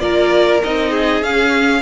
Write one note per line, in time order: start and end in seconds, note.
0.00 0.62 A#3
0.00 0.61 F4
0.00 0.90 A#4
0.00 0.61 D5
0.64 1.22 C4
0.64 1.23 D#4
0.64 1.23 D#5
0.90 1.81 G#4
1.22 1.82 C#4
1.22 1.82 F5